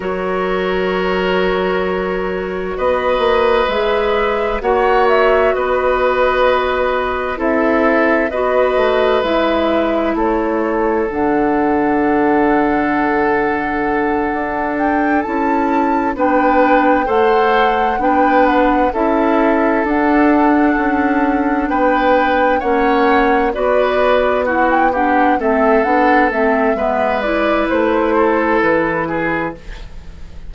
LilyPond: <<
  \new Staff \with { instrumentName = "flute" } { \time 4/4 \tempo 4 = 65 cis''2. dis''4 | e''4 fis''8 e''8 dis''2 | e''4 dis''4 e''4 cis''4 | fis''1 |
g''8 a''4 g''4 fis''4 g''8 | fis''8 e''4 fis''2 g''8~ | g''8 fis''4 d''4 fis''16 g''16 fis''8 e''8 | fis''8 e''4 d''8 c''4 b'4 | }
  \new Staff \with { instrumentName = "oboe" } { \time 4/4 ais'2. b'4~ | b'4 cis''4 b'2 | a'4 b'2 a'4~ | a'1~ |
a'4. b'4 c''4 b'8~ | b'8 a'2. b'8~ | b'8 cis''4 b'4 fis'8 g'8 a'8~ | a'4 b'4. a'4 gis'8 | }
  \new Staff \with { instrumentName = "clarinet" } { \time 4/4 fis'1 | gis'4 fis'2. | e'4 fis'4 e'2 | d'1~ |
d'8 e'4 d'4 a'4 d'8~ | d'8 e'4 d'2~ d'8~ | d'8 cis'4 fis'4 e'8 d'8 c'8 | d'8 c'8 b8 e'2~ e'8 | }
  \new Staff \with { instrumentName = "bassoon" } { \time 4/4 fis2. b8 ais8 | gis4 ais4 b2 | c'4 b8 a8 gis4 a4 | d2.~ d8 d'8~ |
d'8 cis'4 b4 a4 b8~ | b8 cis'4 d'4 cis'4 b8~ | b8 ais4 b2 a8 | b8 a8 gis4 a4 e4 | }
>>